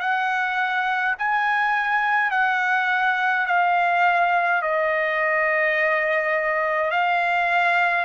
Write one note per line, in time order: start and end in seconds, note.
0.00 1.15 F#5
1.19 2.31 G#5
2.31 3.46 F#5
3.47 4.62 F5
4.62 6.91 D#5
6.91 8.05 F5